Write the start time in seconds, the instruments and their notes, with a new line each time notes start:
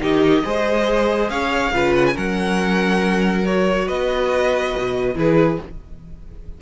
0.00 cello D#3, viola D#4, violin G4 D#5
0.44 cello G#3, viola G#4, violin C5
1.30 cello C#4, violin C#5 F5
1.72 cello C#3, viola F4, violin B4
1.95 violin F#5
2.06 violin G#5
2.13 cello F#3, viola C#4, violin A#4 F#5
3.46 viola F#4, violin C#5
3.86 cello B3, violin B4 D#5
4.77 cello B2
5.14 cello E3, viola E4, violin G#4 B4